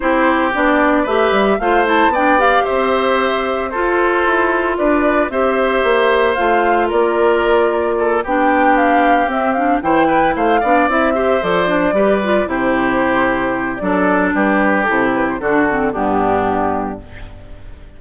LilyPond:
<<
  \new Staff \with { instrumentName = "flute" } { \time 4/4 \tempo 4 = 113 c''4 d''4 e''4 f''8 a''8 | g''8 f''8 e''2 c''4~ | c''4 d''4 e''2 | f''4 d''2~ d''8 g''8~ |
g''8 f''4 e''8 f''8 g''4 f''8~ | f''8 e''4 d''2 c''8~ | c''2 d''4 b'4 | a'8 b'16 c''16 a'4 g'2 | }
  \new Staff \with { instrumentName = "oboe" } { \time 4/4 g'2 b'4 c''4 | d''4 c''2 a'4~ | a'4 b'4 c''2~ | c''4 ais'2 a'8 g'8~ |
g'2~ g'8 c''8 b'8 c''8 | d''4 c''4. b'4 g'8~ | g'2 a'4 g'4~ | g'4 fis'4 d'2 | }
  \new Staff \with { instrumentName = "clarinet" } { \time 4/4 e'4 d'4 g'4 f'8 e'8 | d'8 g'2~ g'8 f'4~ | f'2 g'2 | f'2.~ f'8 d'8~ |
d'4. c'8 d'8 e'4. | d'8 e'8 g'8 a'8 d'8 g'8 f'8 e'8~ | e'2 d'2 | e'4 d'8 c'8 b2 | }
  \new Staff \with { instrumentName = "bassoon" } { \time 4/4 c'4 b4 a8 g8 a4 | b4 c'2 f'4 | e'4 d'4 c'4 ais4 | a4 ais2~ ais8 b8~ |
b4. c'4 e4 a8 | b8 c'4 f4 g4 c8~ | c2 fis4 g4 | c4 d4 g,2 | }
>>